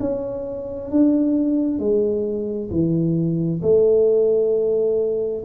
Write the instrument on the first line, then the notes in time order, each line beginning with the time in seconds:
tuba
0.00 C#4
0.90 D4
1.79 G#3
2.71 E3
3.62 A3